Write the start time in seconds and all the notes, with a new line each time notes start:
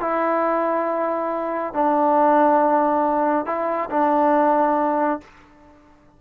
0.00 E4
1.74 D4
3.46 E4
3.90 D4